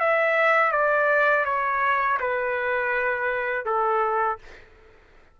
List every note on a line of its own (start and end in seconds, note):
0.00 0.72 E5
0.72 1.45 D5
1.45 2.18 C#5
2.20 3.66 B4
3.66 4.39 A4